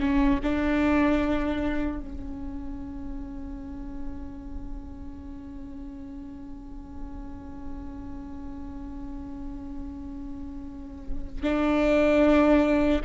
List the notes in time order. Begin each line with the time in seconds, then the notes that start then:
0.00 C#4
0.43 D4
2.00 C#4
11.43 D4